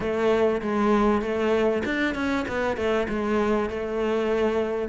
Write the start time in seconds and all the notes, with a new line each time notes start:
0.00 A3
0.61 G#3
1.21 A3
1.85 D4
2.14 C#4
2.47 B3
2.76 A3
3.09 G#3
3.69 A3